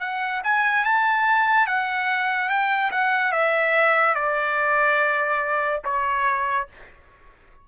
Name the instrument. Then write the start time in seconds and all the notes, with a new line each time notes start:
trumpet
0.00 F#5
0.44 G#5
0.84 A5
1.67 F#5
2.49 G5
2.91 F#5
3.32 E5
4.15 D5
5.84 C#5